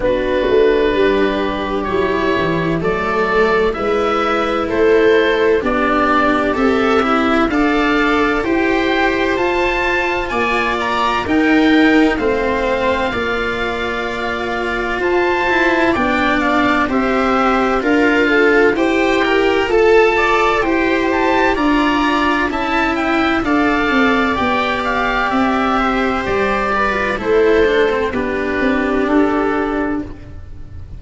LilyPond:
<<
  \new Staff \with { instrumentName = "oboe" } { \time 4/4 \tempo 4 = 64 b'2 cis''4 d''4 | e''4 c''4 d''4 e''4 | f''4 g''4 a''4 gis''8 ais''8 | g''4 f''2. |
a''4 g''8 f''8 e''4 f''4 | g''4 a''4 g''8 a''8 ais''4 | a''8 g''8 f''4 g''8 f''8 e''4 | d''4 c''4 b'4 a'4 | }
  \new Staff \with { instrumentName = "viola" } { \time 4/4 fis'4 g'2 a'4 | b'4 a'4 g'2 | d''4 c''2 d''4 | ais'4 c''4 d''2 |
c''4 d''4 c''4 ais'8 a'8 | g'4 a'8 d''8 c''4 d''4 | e''4 d''2~ d''8 c''8~ | c''8 b'8 a'4 g'2 | }
  \new Staff \with { instrumentName = "cello" } { \time 4/4 d'2 e'4 a4 | e'2 d'4 a'8 e'8 | a'4 g'4 f'2 | dis'4 c'4 f'2~ |
f'8 e'8 d'4 g'4 f'4 | c''8 ais'8 a'4 g'4 f'4 | e'4 a'4 g'2~ | g'8. f'16 e'8 d'16 c'16 d'2 | }
  \new Staff \with { instrumentName = "tuba" } { \time 4/4 b8 a8 g4 fis8 e8 fis4 | gis4 a4 b4 c'4 | d'4 e'4 f'4 ais4 | dis'4 a4 ais2 |
f'4 b4 c'4 d'4 | e'4 f'4 e'4 d'4 | cis'4 d'8 c'8 b4 c'4 | g4 a4 b8 c'8 d'4 | }
>>